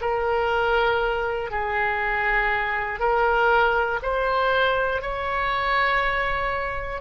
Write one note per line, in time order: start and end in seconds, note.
0.00 1.50 A#4
1.50 3.00 G#4
3.00 4.00 A#4
4.02 5.01 C5
5.01 7.01 C#5